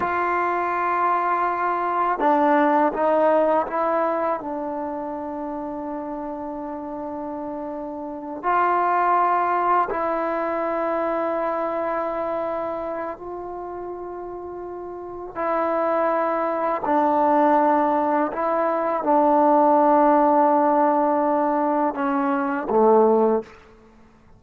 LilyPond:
\new Staff \with { instrumentName = "trombone" } { \time 4/4 \tempo 4 = 82 f'2. d'4 | dis'4 e'4 d'2~ | d'2.~ d'8 f'8~ | f'4. e'2~ e'8~ |
e'2 f'2~ | f'4 e'2 d'4~ | d'4 e'4 d'2~ | d'2 cis'4 a4 | }